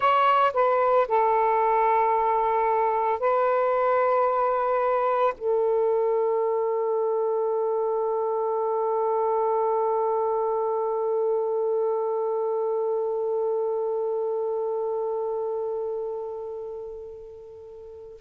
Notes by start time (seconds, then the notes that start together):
0.00 C#5
0.54 B4
1.08 A4
3.19 B4
5.37 A4